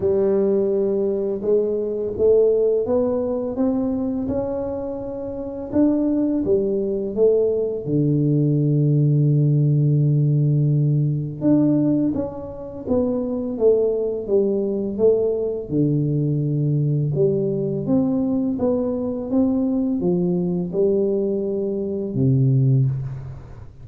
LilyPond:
\new Staff \with { instrumentName = "tuba" } { \time 4/4 \tempo 4 = 84 g2 gis4 a4 | b4 c'4 cis'2 | d'4 g4 a4 d4~ | d1 |
d'4 cis'4 b4 a4 | g4 a4 d2 | g4 c'4 b4 c'4 | f4 g2 c4 | }